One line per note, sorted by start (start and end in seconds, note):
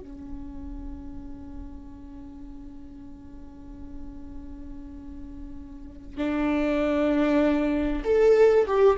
0.00 6.18 C#4
6.18 8.03 D4
8.04 8.66 A4
8.67 8.97 G4